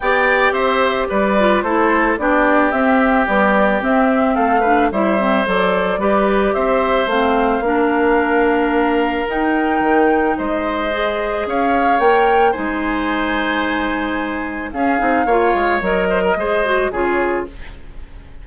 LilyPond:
<<
  \new Staff \with { instrumentName = "flute" } { \time 4/4 \tempo 4 = 110 g''4 e''4 d''4 c''4 | d''4 e''4 d''4 e''4 | f''4 e''4 d''2 | e''4 f''2.~ |
f''4 g''2 dis''4~ | dis''4 f''4 g''4 gis''4~ | gis''2. f''4~ | f''4 dis''2 cis''4 | }
  \new Staff \with { instrumentName = "oboe" } { \time 4/4 d''4 c''4 b'4 a'4 | g'1 | a'8 b'8 c''2 b'4 | c''2 ais'2~ |
ais'2. c''4~ | c''4 cis''2 c''4~ | c''2. gis'4 | cis''4. c''16 ais'16 c''4 gis'4 | }
  \new Staff \with { instrumentName = "clarinet" } { \time 4/4 g'2~ g'8 f'8 e'4 | d'4 c'4 g4 c'4~ | c'8 d'8 e'8 c'8 a'4 g'4~ | g'4 c'4 d'2~ |
d'4 dis'2. | gis'2 ais'4 dis'4~ | dis'2. cis'8 dis'8 | f'4 ais'4 gis'8 fis'8 f'4 | }
  \new Staff \with { instrumentName = "bassoon" } { \time 4/4 b4 c'4 g4 a4 | b4 c'4 b4 c'4 | a4 g4 fis4 g4 | c'4 a4 ais2~ |
ais4 dis'4 dis4 gis4~ | gis4 cis'4 ais4 gis4~ | gis2. cis'8 c'8 | ais8 gis8 fis4 gis4 cis4 | }
>>